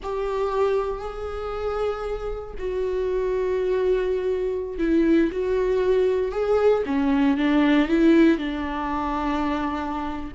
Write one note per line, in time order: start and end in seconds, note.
0.03 0.99 G4
0.99 2.54 G#4
2.58 4.78 F#4
4.78 5.30 E4
5.31 6.31 F#4
6.31 6.83 G#4
6.86 7.37 C#4
7.37 7.88 D4
7.88 8.38 E4
8.38 10.32 D4